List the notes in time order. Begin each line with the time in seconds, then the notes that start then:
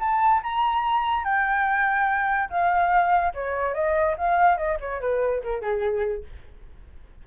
0.00 A5
0.43 A#5
1.25 G5
2.50 F5
3.34 C#5
3.74 D#5
4.18 F5
4.58 D#5
4.80 C#5
5.01 B4
5.44 A#4
5.62 G#4